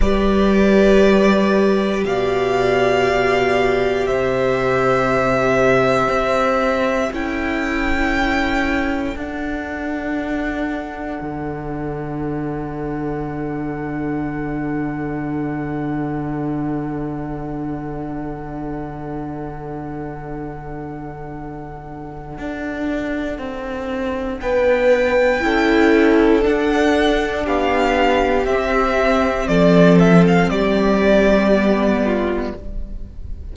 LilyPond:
<<
  \new Staff \with { instrumentName = "violin" } { \time 4/4 \tempo 4 = 59 d''2 f''2 | e''2. g''4~ | g''4 fis''2.~ | fis''1~ |
fis''1~ | fis''1 | g''2 fis''4 f''4 | e''4 d''8 e''16 f''16 d''2 | }
  \new Staff \with { instrumentName = "violin" } { \time 4/4 b'2 d''2 | c''2. a'4~ | a'1~ | a'1~ |
a'1~ | a'1 | b'4 a'2 g'4~ | g'4 a'4 g'4. f'8 | }
  \new Staff \with { instrumentName = "viola" } { \time 4/4 g'1~ | g'2. e'4~ | e'4 d'2.~ | d'1~ |
d'1~ | d'1~ | d'4 e'4 d'2 | c'2. b4 | }
  \new Staff \with { instrumentName = "cello" } { \time 4/4 g2 b,2 | c2 c'4 cis'4~ | cis'4 d'2 d4~ | d1~ |
d1~ | d2 d'4 c'4 | b4 cis'4 d'4 b4 | c'4 f4 g2 | }
>>